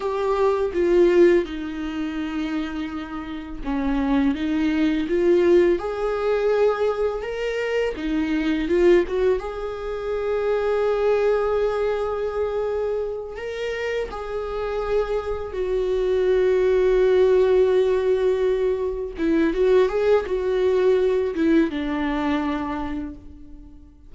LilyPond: \new Staff \with { instrumentName = "viola" } { \time 4/4 \tempo 4 = 83 g'4 f'4 dis'2~ | dis'4 cis'4 dis'4 f'4 | gis'2 ais'4 dis'4 | f'8 fis'8 gis'2.~ |
gis'2~ gis'8 ais'4 gis'8~ | gis'4. fis'2~ fis'8~ | fis'2~ fis'8 e'8 fis'8 gis'8 | fis'4. e'8 d'2 | }